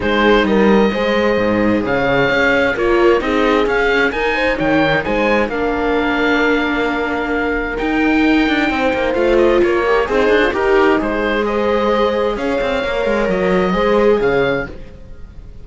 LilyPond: <<
  \new Staff \with { instrumentName = "oboe" } { \time 4/4 \tempo 4 = 131 c''4 dis''2. | f''2 cis''4 dis''4 | f''4 gis''4 g''4 gis''4 | f''1~ |
f''4 g''2. | f''8 dis''8 cis''4 c''4 ais'4 | c''4 dis''2 f''4~ | f''4 dis''2 f''4 | }
  \new Staff \with { instrumentName = "horn" } { \time 4/4 gis'4 ais'4 c''2 | cis''2 ais'4 gis'4~ | gis'4 ais'8 c''8 cis''4 c''4 | ais'1~ |
ais'2. c''4~ | c''4 ais'4 dis'8. f'16 dis'4~ | dis'4 c''2 cis''4~ | cis''2 c''4 cis''4 | }
  \new Staff \with { instrumentName = "viola" } { \time 4/4 dis'2 gis'2~ | gis'2 f'4 dis'4 | cis'4 dis'2. | d'1~ |
d'4 dis'2. | f'4. g'8 gis'4 g'4 | gis'1 | ais'2 gis'2 | }
  \new Staff \with { instrumentName = "cello" } { \time 4/4 gis4 g4 gis4 gis,4 | cis4 cis'4 ais4 c'4 | cis'4 dis'4 dis4 gis4 | ais1~ |
ais4 dis'4. d'8 c'8 ais8 | a4 ais4 c'8 d'8 dis'4 | gis2. cis'8 c'8 | ais8 gis8 fis4 gis4 cis4 | }
>>